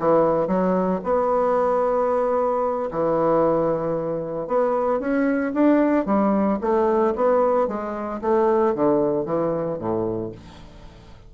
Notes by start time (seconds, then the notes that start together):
0.00 E3
0.48 F#3
1.04 B3
2.91 E3
4.48 B3
5.00 C#4
5.54 D4
6.06 G3
6.62 A3
7.16 B3
7.68 G#3
8.22 A3
8.75 D3
9.26 E3
9.79 A2